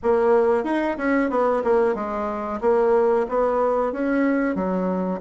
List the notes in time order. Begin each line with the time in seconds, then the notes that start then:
0.03 A#3
0.64 D#4
0.97 C#4
1.30 B3
1.64 A#3
1.94 G#3
2.61 A#3
3.28 B3
3.92 C#4
4.55 F#3